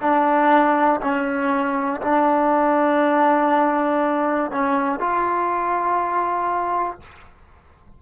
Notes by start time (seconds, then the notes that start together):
0.00 D4
1.00 C#4
2.01 D4
4.51 C#4
5.00 F4